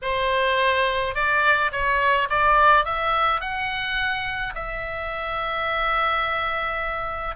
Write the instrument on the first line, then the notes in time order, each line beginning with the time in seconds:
oboe
0.02 C5
1.14 D5
1.71 C#5
2.29 D5
2.85 E5
3.41 F#5
4.54 E5